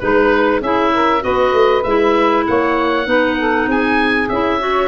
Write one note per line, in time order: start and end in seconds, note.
0.00 0.62 G#3
0.00 0.62 D#4
0.00 0.61 B4
0.00 0.62 B4
0.62 1.23 C#4
0.62 1.21 E4
0.62 0.92 G#4
0.62 1.24 E5
0.94 1.24 A#4
1.21 1.53 B3
1.21 1.82 F#4
1.21 2.46 B4
1.21 1.84 D#5
1.53 1.84 A3
1.84 2.46 G#3
1.84 3.05 E4
1.84 2.45 E5
2.47 3.07 A#3
2.47 3.08 C#5
2.47 3.70 F#5
3.05 3.68 B3
3.05 4.28 D#4
3.05 3.38 B4
3.39 3.68 A4
3.68 4.29 C4
3.68 4.60 G#4
3.68 4.29 G#5
4.29 4.89 C#4
4.29 4.60 E4
4.29 4.89 E5
4.60 4.89 F#4
4.60 4.89 C#5